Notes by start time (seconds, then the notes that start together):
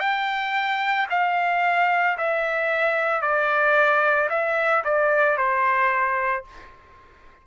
0.00 G5
1.10 F5
2.18 E5
3.22 D5
4.30 E5
4.85 D5
5.38 C5